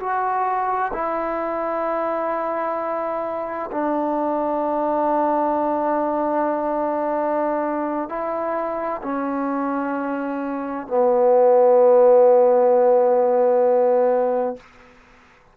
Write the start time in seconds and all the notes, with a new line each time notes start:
0.00 F#4
0.94 E4
3.72 D4
8.09 E4
9.03 C#4
10.88 B3